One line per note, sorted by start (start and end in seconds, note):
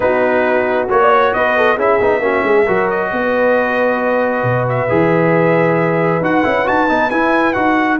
0.00 0.88 B3
0.00 0.88 D#4
0.00 1.01 F#4
0.00 0.87 B4
0.88 1.34 A#3
0.88 1.77 F#4
0.88 1.33 C#5
1.01 1.11 D5
1.11 1.33 C#5
1.33 1.77 B3
1.33 1.56 B4
1.33 1.78 D#5
1.56 1.75 A4
1.75 1.99 C#4
1.75 2.00 E4
1.75 2.20 G#4
1.75 2.90 E5
2.00 2.19 B3
2.00 2.21 D#4
2.19 2.41 A#3
2.19 2.66 C#4
2.19 2.44 F#4
2.43 2.65 G#3
2.43 2.64 G#4
2.64 3.12 F#3
2.64 4.88 F#4
2.64 3.08 A#4
2.90 4.67 D#5
3.12 4.43 B3
3.12 7.99 B4
4.43 4.87 B2
4.69 6.24 E5
4.88 6.20 E3
4.88 6.22 G#4
6.20 6.42 D#4
6.20 6.43 F#4
6.20 6.67 F#5
6.43 6.68 C#4
6.43 6.65 E4
6.65 6.89 D#4
6.65 6.87 F#4
6.65 7.10 A5
6.88 7.11 B3
6.88 7.10 D#4
7.10 7.54 E4
7.10 7.55 E4
7.10 7.53 G#5
7.53 7.99 D#4
7.53 7.99 F#4
7.53 7.97 F#5